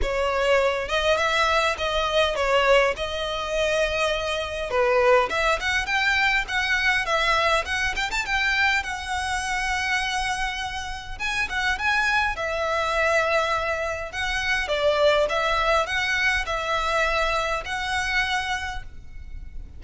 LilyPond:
\new Staff \with { instrumentName = "violin" } { \time 4/4 \tempo 4 = 102 cis''4. dis''8 e''4 dis''4 | cis''4 dis''2. | b'4 e''8 fis''8 g''4 fis''4 | e''4 fis''8 g''16 a''16 g''4 fis''4~ |
fis''2. gis''8 fis''8 | gis''4 e''2. | fis''4 d''4 e''4 fis''4 | e''2 fis''2 | }